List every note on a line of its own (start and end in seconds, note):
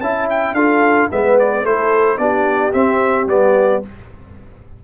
0.00 0.53 C#4
0.00 0.56 E4
0.00 0.55 E5
0.00 0.27 A5
0.30 0.54 G5
0.53 1.08 D4
0.53 1.11 F4
0.53 1.10 A4
0.53 1.09 F5
1.11 1.64 G#3
1.11 1.65 B3
1.11 1.64 B4
1.11 1.38 E5
1.39 1.65 D5
1.64 2.18 A3
1.64 2.18 E4
1.64 2.18 A4
1.64 2.17 C5
2.17 2.73 B3
2.17 2.72 D4
2.17 3.84 G4
2.17 2.72 D5
2.73 3.28 C4
2.73 3.26 C4
2.73 3.27 E5
3.26 3.81 G3
3.26 3.82 B3
3.26 3.83 D5